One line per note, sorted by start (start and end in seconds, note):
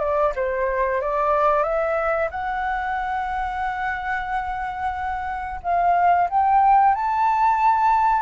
0.00 0.33 D5
0.36 1.02 C5
1.02 1.63 D5
1.63 2.29 E5
2.31 5.61 F#5
5.63 6.29 F5
6.30 6.95 G5
6.95 8.23 A5